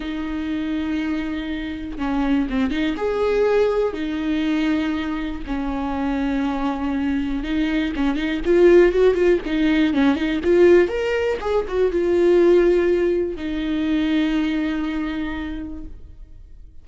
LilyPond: \new Staff \with { instrumentName = "viola" } { \time 4/4 \tempo 4 = 121 dis'1 | cis'4 c'8 dis'8 gis'2 | dis'2. cis'4~ | cis'2. dis'4 |
cis'8 dis'8 f'4 fis'8 f'8 dis'4 | cis'8 dis'8 f'4 ais'4 gis'8 fis'8 | f'2. dis'4~ | dis'1 | }